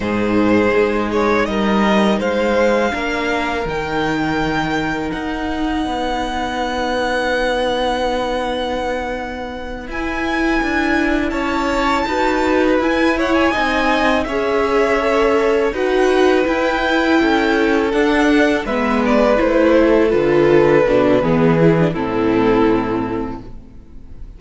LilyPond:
<<
  \new Staff \with { instrumentName = "violin" } { \time 4/4 \tempo 4 = 82 c''4. cis''8 dis''4 f''4~ | f''4 g''2 fis''4~ | fis''1~ | fis''4. gis''2 a''8~ |
a''4. gis''8 fis''16 gis''4~ gis''16 e''8~ | e''4. fis''4 g''4.~ | g''8 fis''4 e''8 d''8 c''4 b'8~ | b'2 a'2 | }
  \new Staff \with { instrumentName = "violin" } { \time 4/4 gis'2 ais'4 c''4 | ais'1 | b'1~ | b'2.~ b'8 cis''8~ |
cis''8 b'4. cis''8 dis''4 cis''8~ | cis''4. b'2 a'8~ | a'4. b'4. a'4~ | a'4 gis'4 e'2 | }
  \new Staff \with { instrumentName = "viola" } { \time 4/4 dis'1 | d'4 dis'2.~ | dis'1~ | dis'4. e'2~ e'8~ |
e'8 fis'4 e'4 dis'4 gis'8~ | gis'8 a'4 fis'4 e'4.~ | e'8 d'4 b4 e'4 f'8~ | f'8 d'8 b8 e'16 d'16 c'2 | }
  \new Staff \with { instrumentName = "cello" } { \time 4/4 gis,4 gis4 g4 gis4 | ais4 dis2 dis'4 | b1~ | b4. e'4 d'4 cis'8~ |
cis'8 dis'4 e'4 c'4 cis'8~ | cis'4. dis'4 e'4 cis'8~ | cis'8 d'4 gis4 a4 d8~ | d8 b,8 e4 a,2 | }
>>